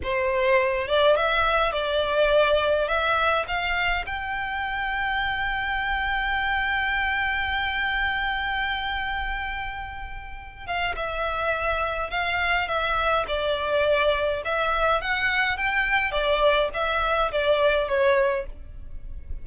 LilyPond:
\new Staff \with { instrumentName = "violin" } { \time 4/4 \tempo 4 = 104 c''4. d''8 e''4 d''4~ | d''4 e''4 f''4 g''4~ | g''1~ | g''1~ |
g''2~ g''8 f''8 e''4~ | e''4 f''4 e''4 d''4~ | d''4 e''4 fis''4 g''4 | d''4 e''4 d''4 cis''4 | }